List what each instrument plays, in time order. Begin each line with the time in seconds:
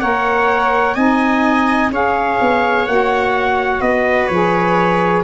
0.00 tuba A#3, saxophone A#4, viola C#5, trumpet F#5
0.95 tuba C4, saxophone D#4, viola D#5, trumpet G#5
1.91 tuba C#4, saxophone G#4, viola C#5, trumpet F5
2.41 tuba B3
2.87 tuba A#3, saxophone F#4, trumpet F#5
3.80 tuba B3, viola B4, trumpet D#5
4.27 tuba F3, saxophone G#4, trumpet C#5